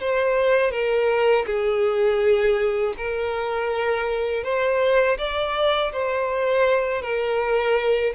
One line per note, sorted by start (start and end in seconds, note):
0.00 0.71 C5
0.71 1.45 A#4
1.46 2.94 G#4
2.98 4.44 A#4
4.44 5.18 C5
5.18 5.92 D5
5.93 7.02 C5
7.02 8.13 A#4